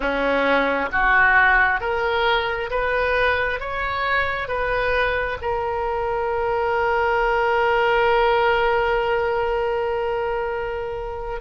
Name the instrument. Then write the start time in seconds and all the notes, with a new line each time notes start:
oboe
0.00 C#4
0.92 F#4
1.80 A#4
2.70 B4
3.59 C#5
4.48 B4
5.41 A#4